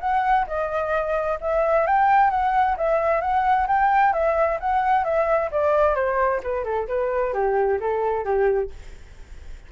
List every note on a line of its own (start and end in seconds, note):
0.00 0.46 F#5
0.47 1.38 D#5
1.41 1.86 E5
1.86 2.30 G5
2.30 2.76 F#5
2.77 3.21 E5
3.21 3.67 F#5
3.67 4.13 G5
4.13 4.59 E5
4.60 5.04 F#5
5.04 5.50 E5
5.51 5.95 D5
5.95 6.41 C5
6.43 6.64 B4
6.64 6.87 A4
6.87 7.33 B4
7.33 7.79 G4
7.80 8.24 A4
8.24 8.70 G4